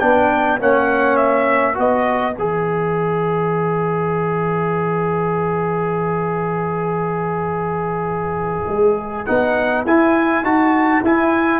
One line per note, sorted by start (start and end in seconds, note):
0.00 0.61 B3
0.00 0.60 D4
0.00 0.60 B4
0.00 0.59 G5
0.60 1.79 A#3
0.60 1.75 C#4
0.60 1.77 C#5
0.60 1.17 F#5
1.17 1.76 E5
1.75 2.36 B3
1.75 2.33 F#4
1.75 11.60 B4
1.75 2.37 D#5
2.36 8.68 E3
2.36 9.28 G#4
2.36 9.26 E5
8.68 9.26 G#3
9.26 9.86 B3
9.26 9.87 D#4
9.26 9.85 F#5
9.86 10.43 E4
9.86 10.45 E4
9.86 10.45 G#5
10.43 11.01 D#4
10.43 11.04 F#4
10.43 11.04 A5
11.03 11.60 E4
11.03 11.60 G#5